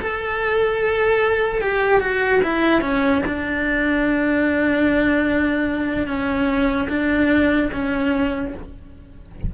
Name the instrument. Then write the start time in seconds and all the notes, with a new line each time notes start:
cello
0.00 A4
1.62 G4
2.00 F#4
2.44 E4
2.82 C#4
3.27 D4
6.07 C#4
6.89 D4
7.73 C#4